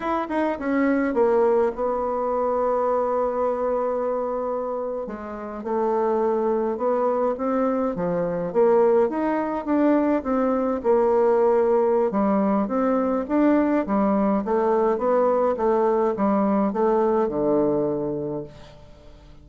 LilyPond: \new Staff \with { instrumentName = "bassoon" } { \time 4/4 \tempo 4 = 104 e'8 dis'8 cis'4 ais4 b4~ | b1~ | b8. gis4 a2 b16~ | b8. c'4 f4 ais4 dis'16~ |
dis'8. d'4 c'4 ais4~ ais16~ | ais4 g4 c'4 d'4 | g4 a4 b4 a4 | g4 a4 d2 | }